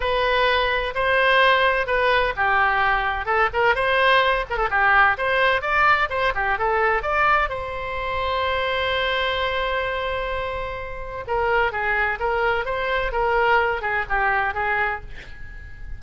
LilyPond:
\new Staff \with { instrumentName = "oboe" } { \time 4/4 \tempo 4 = 128 b'2 c''2 | b'4 g'2 a'8 ais'8 | c''4. ais'16 a'16 g'4 c''4 | d''4 c''8 g'8 a'4 d''4 |
c''1~ | c''1 | ais'4 gis'4 ais'4 c''4 | ais'4. gis'8 g'4 gis'4 | }